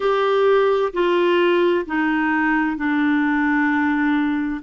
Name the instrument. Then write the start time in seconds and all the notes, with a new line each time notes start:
clarinet
0.00 G4
0.93 F4
1.85 D#4
2.77 D4